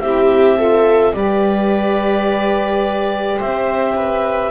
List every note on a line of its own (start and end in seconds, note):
0.00 1.13 C4
0.00 0.57 E4
0.00 0.58 G4
0.00 1.14 E5
0.57 1.13 F4
0.57 1.15 A4
1.14 3.40 G3
1.14 4.51 G4
1.14 3.37 B4
1.14 3.40 D5
3.37 4.51 C4
3.37 3.94 C5
3.37 4.51 E5
3.96 4.51 B4